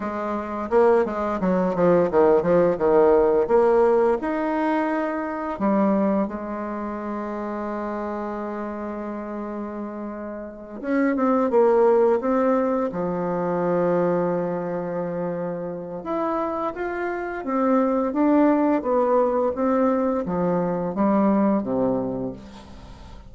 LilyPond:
\new Staff \with { instrumentName = "bassoon" } { \time 4/4 \tempo 4 = 86 gis4 ais8 gis8 fis8 f8 dis8 f8 | dis4 ais4 dis'2 | g4 gis2.~ | gis2.~ gis8 cis'8 |
c'8 ais4 c'4 f4.~ | f2. e'4 | f'4 c'4 d'4 b4 | c'4 f4 g4 c4 | }